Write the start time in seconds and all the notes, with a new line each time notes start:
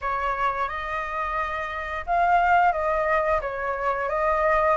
0.01 C#5
0.68 D#5
2.06 F5
2.72 D#5
3.41 C#5
4.09 D#5